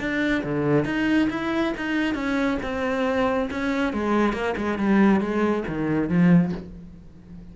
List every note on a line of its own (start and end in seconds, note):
0.00 0.43 D4
0.44 0.85 D3
0.85 1.29 D#4
1.30 1.74 E4
1.77 2.15 D#4
2.15 2.58 C#4
2.63 3.50 C4
3.51 3.93 C#4
3.93 4.33 G#3
4.33 4.55 A#3
4.57 4.78 G#3
4.78 5.21 G3
5.21 5.64 G#3
5.68 6.09 D#3
6.09 6.53 F3